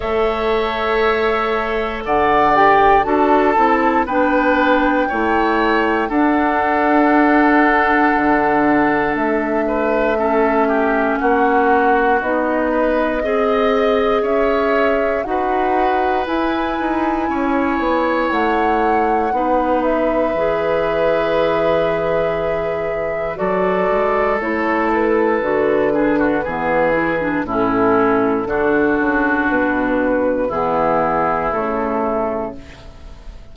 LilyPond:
<<
  \new Staff \with { instrumentName = "flute" } { \time 4/4 \tempo 4 = 59 e''2 fis''8 g''8 a''4 | g''2 fis''2~ | fis''4 e''2 fis''4 | dis''2 e''4 fis''4 |
gis''2 fis''4. e''8~ | e''2. d''4 | cis''8 b'2~ b'8 a'4~ | a'4 b'4 gis'4 a'4 | }
  \new Staff \with { instrumentName = "oboe" } { \time 4/4 cis''2 d''4 a'4 | b'4 cis''4 a'2~ | a'4. b'8 a'8 g'8 fis'4~ | fis'8 b'8 dis''4 cis''4 b'4~ |
b'4 cis''2 b'4~ | b'2. a'4~ | a'4. gis'16 fis'16 gis'4 e'4 | fis'2 e'2 | }
  \new Staff \with { instrumentName = "clarinet" } { \time 4/4 a'2~ a'8 g'8 fis'8 e'8 | d'4 e'4 d'2~ | d'2 cis'2 | dis'4 gis'2 fis'4 |
e'2. dis'4 | gis'2. fis'4 | e'4 fis'8 d'8 b8 e'16 d'16 cis'4 | d'2 b4 a4 | }
  \new Staff \with { instrumentName = "bassoon" } { \time 4/4 a2 d4 d'8 c'8 | b4 a4 d'2 | d4 a2 ais4 | b4 c'4 cis'4 dis'4 |
e'8 dis'8 cis'8 b8 a4 b4 | e2. fis8 gis8 | a4 d4 e4 a,4 | d8 cis8 b,4 e4 cis4 | }
>>